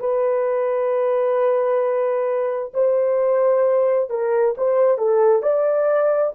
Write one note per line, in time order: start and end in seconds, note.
0.00 2.73 B4
2.74 4.10 C5
4.10 4.55 A#4
4.58 4.98 C5
4.98 5.43 A4
5.43 6.33 D5